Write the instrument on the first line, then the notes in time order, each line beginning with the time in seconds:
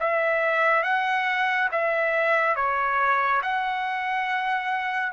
trumpet
0.00 E5
0.84 F#5
1.72 E5
2.56 C#5
3.43 F#5